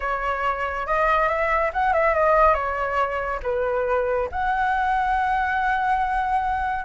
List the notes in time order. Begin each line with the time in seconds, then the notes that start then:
0.00 C#5
0.86 D#5
1.28 E5
1.73 F#5
1.93 E5
2.14 D#5
2.53 C#5
3.42 B4
4.31 F#5